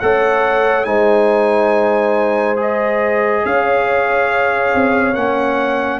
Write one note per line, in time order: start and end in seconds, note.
0.00 0.86 A3
0.00 0.85 A4
0.00 0.87 C#5
0.00 0.84 F#5
0.84 3.43 G#3
0.84 2.56 D#4
0.84 3.44 C5
0.84 2.56 G#5
2.56 5.13 G#4
2.56 3.45 D#5
3.45 4.74 C#4
3.45 5.99 C#5
3.45 5.14 F5
4.74 5.15 C4
5.14 5.99 A#3
5.14 5.99 C#4
5.14 5.99 F#5